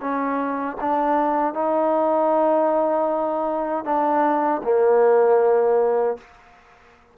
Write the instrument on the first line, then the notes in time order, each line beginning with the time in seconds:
trombone
0.00 C#4
0.80 D4
1.54 D#4
3.85 D4
4.63 A#3